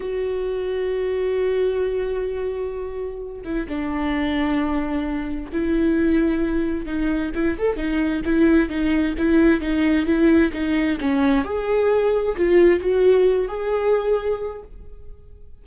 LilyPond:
\new Staff \with { instrumentName = "viola" } { \time 4/4 \tempo 4 = 131 fis'1~ | fis'2.~ fis'8 e'8 | d'1 | e'2. dis'4 |
e'8 a'8 dis'4 e'4 dis'4 | e'4 dis'4 e'4 dis'4 | cis'4 gis'2 f'4 | fis'4. gis'2~ gis'8 | }